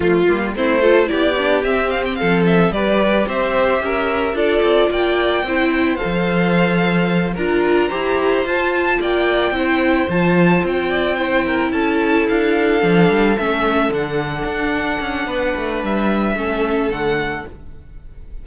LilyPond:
<<
  \new Staff \with { instrumentName = "violin" } { \time 4/4 \tempo 4 = 110 f'4 c''4 d''4 e''8 f''16 g''16 | f''8 e''8 d''4 e''2 | d''4 g''2 f''4~ | f''4. ais''2 a''8~ |
a''8 g''2 a''4 g''8~ | g''4. a''4 f''4.~ | f''8 e''4 fis''2~ fis''8~ | fis''4 e''2 fis''4 | }
  \new Staff \with { instrumentName = "violin" } { \time 4/4 f'4 e'8 a'8 g'2 | a'4 b'4 c''4 ais'4 | a'4 d''4 c''2~ | c''4. ais'4 c''4.~ |
c''8 d''4 c''2~ c''8 | d''8 c''8 ais'8 a'2~ a'8~ | a'1 | b'2 a'2 | }
  \new Staff \with { instrumentName = "viola" } { \time 4/4 a8 ais8 c'8 f'8 e'8 d'8 c'4~ | c'4 g'2. | f'2 e'4 a'4~ | a'4. f'4 g'4 f'8~ |
f'4. e'4 f'4.~ | f'8 e'2. d'8~ | d'8 cis'4 d'2~ d'8~ | d'2 cis'4 a4 | }
  \new Staff \with { instrumentName = "cello" } { \time 4/4 f8 g8 a4 b4 c'4 | f4 g4 c'4 cis'4 | d'8 c'8 ais4 c'4 f4~ | f4. d'4 e'4 f'8~ |
f'8 ais4 c'4 f4 c'8~ | c'4. cis'4 d'4 f8 | g8 a4 d4 d'4 cis'8 | b8 a8 g4 a4 d4 | }
>>